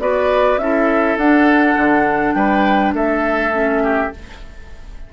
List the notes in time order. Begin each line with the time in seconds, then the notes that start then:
0.00 B3 F#4 B4 D5
0.58 C#4 E4 A4 E5
1.17 D4 F#5
1.77 D3
2.34 G3 B4 G5
2.94 A3 A4 E5
3.52 C#4
3.83 G4